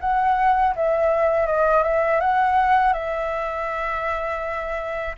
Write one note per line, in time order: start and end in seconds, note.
0.00 0.74 F#5
0.75 1.46 E5
1.46 1.83 D#5
1.83 2.20 E5
2.20 2.93 F#5
2.93 5.15 E5